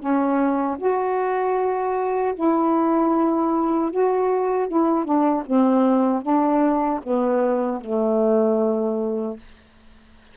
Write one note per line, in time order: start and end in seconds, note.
0.00 0.78 C#4
0.79 2.34 F#4
2.36 3.91 E4
3.91 4.69 F#4
4.69 5.05 E4
5.05 5.44 D4
5.46 6.23 C4
6.23 7.01 D4
7.04 7.82 B3
7.82 9.38 A3